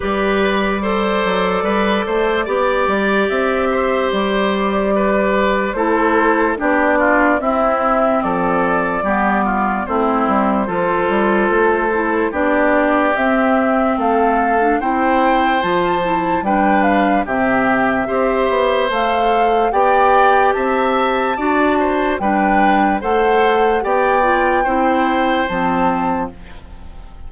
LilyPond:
<<
  \new Staff \with { instrumentName = "flute" } { \time 4/4 \tempo 4 = 73 d''1 | e''4 d''2 c''4 | d''4 e''4 d''2 | c''2. d''4 |
e''4 f''4 g''4 a''4 | g''8 f''8 e''2 f''4 | g''4 a''2 g''4 | fis''4 g''2 a''4 | }
  \new Staff \with { instrumentName = "oboe" } { \time 4/4 b'4 c''4 b'8 c''8 d''4~ | d''8 c''4. b'4 a'4 | g'8 f'8 e'4 a'4 g'8 f'8 | e'4 a'2 g'4~ |
g'4 a'4 c''2 | b'4 g'4 c''2 | d''4 e''4 d''8 c''8 b'4 | c''4 d''4 c''2 | }
  \new Staff \with { instrumentName = "clarinet" } { \time 4/4 g'4 a'2 g'4~ | g'2. e'4 | d'4 c'2 b4 | c'4 f'4. e'8 d'4 |
c'4.~ c'16 d'16 e'4 f'8 e'8 | d'4 c'4 g'4 a'4 | g'2 fis'4 d'4 | a'4 g'8 f'8 e'4 c'4 | }
  \new Staff \with { instrumentName = "bassoon" } { \time 4/4 g4. fis8 g8 a8 b8 g8 | c'4 g2 a4 | b4 c'4 f4 g4 | a8 g8 f8 g8 a4 b4 |
c'4 a4 c'4 f4 | g4 c4 c'8 b8 a4 | b4 c'4 d'4 g4 | a4 b4 c'4 f4 | }
>>